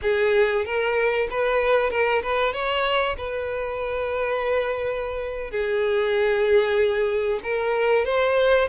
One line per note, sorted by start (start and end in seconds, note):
0.01 0.65 G#4
0.65 1.28 A#4
1.30 1.90 B4
1.90 2.22 A#4
2.22 2.53 B4
2.53 3.16 C#5
3.17 5.50 B4
5.50 7.40 G#4
7.43 8.05 A#4
8.05 8.68 C5